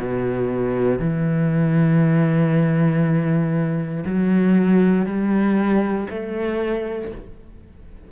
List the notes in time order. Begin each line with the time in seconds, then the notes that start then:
0.00 B2
0.99 E3
4.05 F#3
5.06 G3
6.10 A3